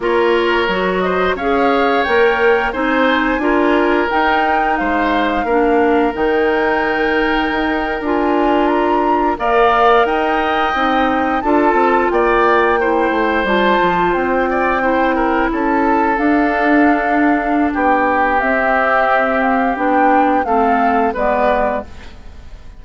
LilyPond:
<<
  \new Staff \with { instrumentName = "flute" } { \time 4/4 \tempo 4 = 88 cis''4. dis''8 f''4 g''4 | gis''2 g''4 f''4~ | f''4 g''2~ g''8. gis''16~ | gis''8. ais''4 f''4 g''4~ g''16~ |
g''8. a''4 g''2 a''16~ | a''8. g''2 a''4 f''16~ | f''2 g''4 e''4~ | e''8 f''8 g''4 f''4 d''4 | }
  \new Staff \with { instrumentName = "oboe" } { \time 4/4 ais'4. c''8 cis''2 | c''4 ais'2 c''4 | ais'1~ | ais'4.~ ais'16 d''4 dis''4~ dis''16~ |
dis''8. a'4 d''4 c''4~ c''16~ | c''4~ c''16 d''8 c''8 ais'8 a'4~ a'16~ | a'2 g'2~ | g'2 a'4 b'4 | }
  \new Staff \with { instrumentName = "clarinet" } { \time 4/4 f'4 fis'4 gis'4 ais'4 | dis'4 f'4 dis'2 | d'4 dis'2~ dis'8. f'16~ | f'4.~ f'16 ais'2 dis'16~ |
dis'8. f'2 e'4 f'16~ | f'4.~ f'16 e'2 d'16~ | d'2. c'4~ | c'4 d'4 c'4 b4 | }
  \new Staff \with { instrumentName = "bassoon" } { \time 4/4 ais4 fis4 cis'4 ais4 | c'4 d'4 dis'4 gis4 | ais4 dis2 dis'8. d'16~ | d'4.~ d'16 ais4 dis'4 c'16~ |
c'8. d'8 c'8 ais4. a8 g16~ | g16 f8 c'2 cis'4 d'16~ | d'2 b4 c'4~ | c'4 b4 a4 gis4 | }
>>